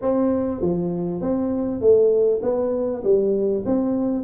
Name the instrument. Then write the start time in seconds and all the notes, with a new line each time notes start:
tuba
0.01 C4
0.61 F3
1.21 C4
1.80 A3
2.42 B3
3.04 G3
3.65 C4